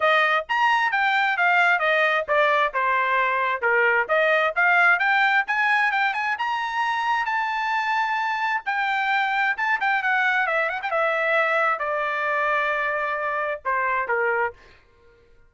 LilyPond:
\new Staff \with { instrumentName = "trumpet" } { \time 4/4 \tempo 4 = 132 dis''4 ais''4 g''4 f''4 | dis''4 d''4 c''2 | ais'4 dis''4 f''4 g''4 | gis''4 g''8 gis''8 ais''2 |
a''2. g''4~ | g''4 a''8 g''8 fis''4 e''8 fis''16 g''16 | e''2 d''2~ | d''2 c''4 ais'4 | }